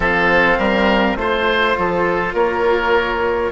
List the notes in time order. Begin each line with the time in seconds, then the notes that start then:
0.00 F3 C4 A4 F5
0.58 G3 A#4
1.16 A3 F4 C5
1.77 F3 A4
2.33 A#3 A#4 C#5